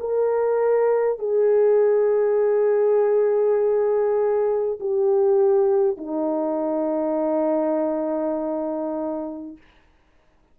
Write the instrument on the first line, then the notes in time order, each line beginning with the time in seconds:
horn
0.00 A#4
1.18 G#4
4.80 G4
5.97 D#4